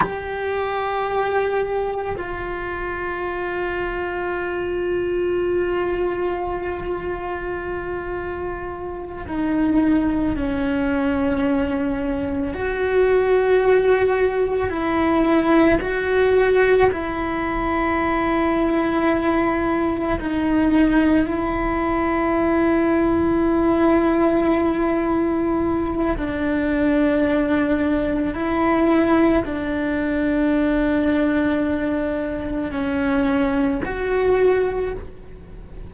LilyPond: \new Staff \with { instrumentName = "cello" } { \time 4/4 \tempo 4 = 55 g'2 f'2~ | f'1~ | f'8 dis'4 cis'2 fis'8~ | fis'4. e'4 fis'4 e'8~ |
e'2~ e'8 dis'4 e'8~ | e'1 | d'2 e'4 d'4~ | d'2 cis'4 fis'4 | }